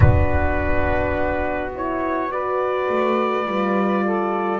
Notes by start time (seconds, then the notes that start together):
0.00 B3 D4 F#4 B4
1.75 E4 C#5
2.29 F#4 B4 D5
2.88 A3
3.45 G3 F4
4.04 A4